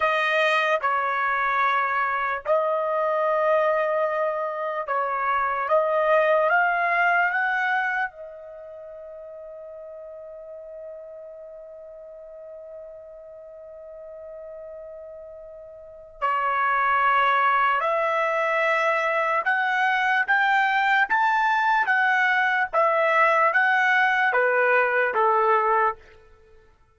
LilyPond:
\new Staff \with { instrumentName = "trumpet" } { \time 4/4 \tempo 4 = 74 dis''4 cis''2 dis''4~ | dis''2 cis''4 dis''4 | f''4 fis''4 dis''2~ | dis''1~ |
dis''1 | cis''2 e''2 | fis''4 g''4 a''4 fis''4 | e''4 fis''4 b'4 a'4 | }